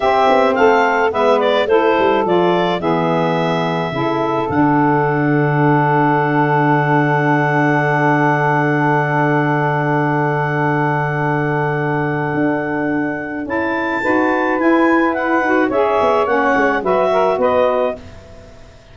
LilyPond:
<<
  \new Staff \with { instrumentName = "clarinet" } { \time 4/4 \tempo 4 = 107 e''4 f''4 e''8 d''8 c''4 | d''4 e''2. | fis''1~ | fis''1~ |
fis''1~ | fis''1 | a''2 gis''4 fis''4 | e''4 fis''4 e''4 dis''4 | }
  \new Staff \with { instrumentName = "saxophone" } { \time 4/4 g'4 a'4 b'4 a'4~ | a'4 gis'2 a'4~ | a'1~ | a'1~ |
a'1~ | a'1~ | a'4 b'2. | cis''2 b'8 ais'8 b'4 | }
  \new Staff \with { instrumentName = "saxophone" } { \time 4/4 c'2 b4 e'4 | f'4 b2 e'4 | d'1~ | d'1~ |
d'1~ | d'1 | e'4 fis'4 e'4. fis'8 | gis'4 cis'4 fis'2 | }
  \new Staff \with { instrumentName = "tuba" } { \time 4/4 c'8 b8 a4 gis4 a8 g8 | f4 e2 cis4 | d1~ | d1~ |
d1~ | d2 d'2 | cis'4 dis'4 e'4. dis'8 | cis'8 b8 ais8 gis8 fis4 b4 | }
>>